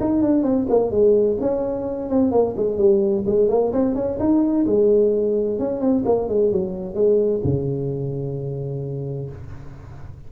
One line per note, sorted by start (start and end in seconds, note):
0.00 0.22 D#4
0.22 0.43 D4
0.43 0.66 C4
0.69 0.91 A#3
0.91 1.37 G#3
1.40 2.09 C#4
2.09 2.31 C4
2.31 2.55 A#3
2.56 2.78 G#3
2.78 3.24 G3
3.26 3.49 G#3
3.49 3.72 A#3
3.72 3.95 C4
3.95 4.18 C#4
4.19 4.66 D#4
4.66 5.59 G#3
5.59 5.81 C#4
5.81 6.04 C4
6.05 6.29 A#3
6.29 6.52 G#3
6.52 6.95 F#3
6.95 7.41 G#3
7.44 9.30 C#3